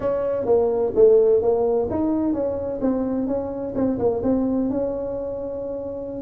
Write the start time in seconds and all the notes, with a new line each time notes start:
0.00 C#4
0.45 A#3
0.95 A3
1.41 A#3
1.90 D#4
2.33 C#4
2.81 C4
3.27 C#4
3.75 C4
3.98 A#3
4.23 C4
4.69 C#4